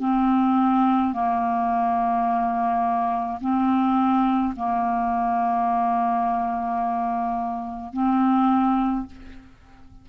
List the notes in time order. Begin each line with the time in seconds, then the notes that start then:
0.00 C4
1.13 A#3
3.41 C4
4.56 A#3
7.93 C4